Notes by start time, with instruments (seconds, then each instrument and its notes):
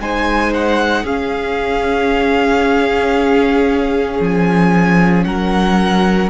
0.00 cello G#3, viola D#4, violin C5 G#5
0.54 violin F#5
1.04 cello C#4, viola C#4, violin G#4 F5
4.20 cello F3, violin G#5
5.25 cello F#3, violin A#4 F#5